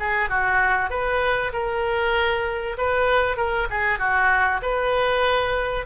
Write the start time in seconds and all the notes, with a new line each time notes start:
0.00 G#4
0.30 F#4
0.90 B4
1.53 A#4
2.78 B4
3.37 A#4
3.70 G#4
3.99 F#4
4.62 B4